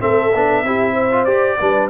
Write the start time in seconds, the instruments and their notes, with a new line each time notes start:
0.00 tuba A3, trombone C4, horn A4, trumpet E5
0.34 tuba B3, trombone D4
0.63 tuba C4, trombone E4, horn G4
0.93 horn C5
1.11 trombone F4
1.25 tuba G4, trombone G4, trumpet D5
1.59 tuba G3, trombone D4, horn B4